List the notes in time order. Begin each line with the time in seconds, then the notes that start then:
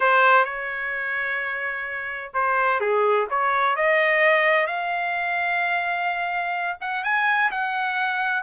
0.00 C5
0.44 C#5
2.33 C5
2.80 G#4
3.30 C#5
3.76 D#5
4.66 F5
6.80 F#5
7.03 G#5
7.51 F#5